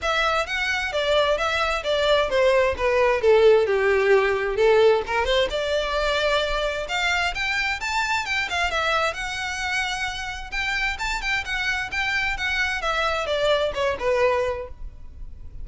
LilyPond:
\new Staff \with { instrumentName = "violin" } { \time 4/4 \tempo 4 = 131 e''4 fis''4 d''4 e''4 | d''4 c''4 b'4 a'4 | g'2 a'4 ais'8 c''8 | d''2. f''4 |
g''4 a''4 g''8 f''8 e''4 | fis''2. g''4 | a''8 g''8 fis''4 g''4 fis''4 | e''4 d''4 cis''8 b'4. | }